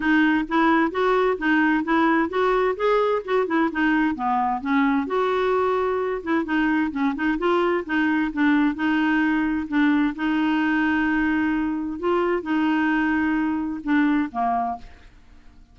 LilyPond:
\new Staff \with { instrumentName = "clarinet" } { \time 4/4 \tempo 4 = 130 dis'4 e'4 fis'4 dis'4 | e'4 fis'4 gis'4 fis'8 e'8 | dis'4 b4 cis'4 fis'4~ | fis'4. e'8 dis'4 cis'8 dis'8 |
f'4 dis'4 d'4 dis'4~ | dis'4 d'4 dis'2~ | dis'2 f'4 dis'4~ | dis'2 d'4 ais4 | }